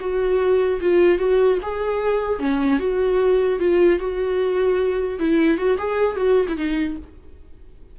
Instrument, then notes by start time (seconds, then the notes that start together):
viola
0.00 F#4
0.81 F4
1.19 F#4
1.63 G#4
2.39 C#4
2.79 F#4
3.59 F4
3.99 F#4
5.19 E4
5.58 F#4
5.78 G#4
6.17 F#4
6.49 E4
6.57 D#4